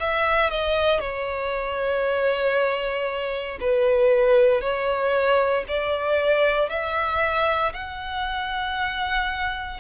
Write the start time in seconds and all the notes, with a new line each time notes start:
0.00 E5
0.50 D#5
1.00 C#5
3.61 B4
4.61 C#5
5.68 D5
6.70 E5
7.74 F#5